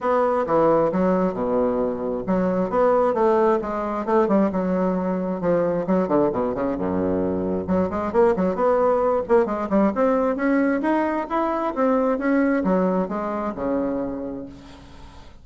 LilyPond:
\new Staff \with { instrumentName = "bassoon" } { \time 4/4 \tempo 4 = 133 b4 e4 fis4 b,4~ | b,4 fis4 b4 a4 | gis4 a8 g8 fis2 | f4 fis8 d8 b,8 cis8 fis,4~ |
fis,4 fis8 gis8 ais8 fis8 b4~ | b8 ais8 gis8 g8 c'4 cis'4 | dis'4 e'4 c'4 cis'4 | fis4 gis4 cis2 | }